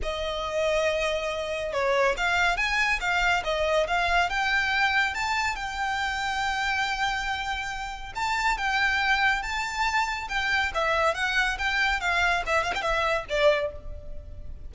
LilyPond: \new Staff \with { instrumentName = "violin" } { \time 4/4 \tempo 4 = 140 dis''1 | cis''4 f''4 gis''4 f''4 | dis''4 f''4 g''2 | a''4 g''2.~ |
g''2. a''4 | g''2 a''2 | g''4 e''4 fis''4 g''4 | f''4 e''8 f''16 g''16 e''4 d''4 | }